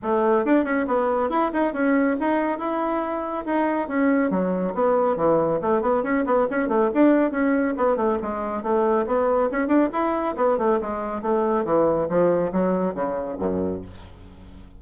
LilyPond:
\new Staff \with { instrumentName = "bassoon" } { \time 4/4 \tempo 4 = 139 a4 d'8 cis'8 b4 e'8 dis'8 | cis'4 dis'4 e'2 | dis'4 cis'4 fis4 b4 | e4 a8 b8 cis'8 b8 cis'8 a8 |
d'4 cis'4 b8 a8 gis4 | a4 b4 cis'8 d'8 e'4 | b8 a8 gis4 a4 e4 | f4 fis4 cis4 fis,4 | }